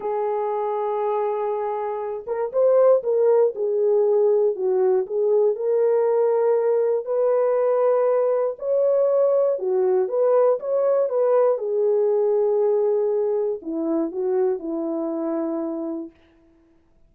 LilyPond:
\new Staff \with { instrumentName = "horn" } { \time 4/4 \tempo 4 = 119 gis'1~ | gis'8 ais'8 c''4 ais'4 gis'4~ | gis'4 fis'4 gis'4 ais'4~ | ais'2 b'2~ |
b'4 cis''2 fis'4 | b'4 cis''4 b'4 gis'4~ | gis'2. e'4 | fis'4 e'2. | }